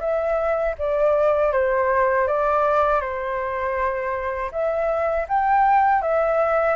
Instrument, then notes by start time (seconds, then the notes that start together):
flute
0.00 E5
0.78 D5
1.52 C5
2.27 D5
3.01 C5
4.51 E5
5.28 G5
6.02 E5